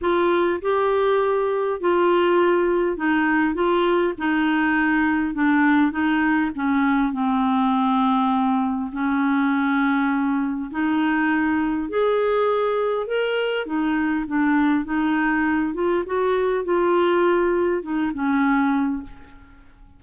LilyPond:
\new Staff \with { instrumentName = "clarinet" } { \time 4/4 \tempo 4 = 101 f'4 g'2 f'4~ | f'4 dis'4 f'4 dis'4~ | dis'4 d'4 dis'4 cis'4 | c'2. cis'4~ |
cis'2 dis'2 | gis'2 ais'4 dis'4 | d'4 dis'4. f'8 fis'4 | f'2 dis'8 cis'4. | }